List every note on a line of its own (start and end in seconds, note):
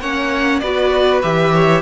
0.00 0.61 A#3
0.00 0.62 C#4
0.00 0.61 C#5
0.00 0.59 F#5
0.59 1.22 B3
0.59 1.22 F#4
0.59 1.53 B4
0.59 1.20 D5
1.22 1.81 E3
1.22 1.81 G4
1.22 1.81 E5
1.53 1.81 C#5